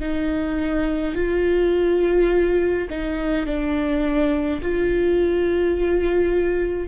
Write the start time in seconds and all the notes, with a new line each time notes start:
0.00 D#4
1.15 F4
2.91 D#4
3.46 D4
4.62 F4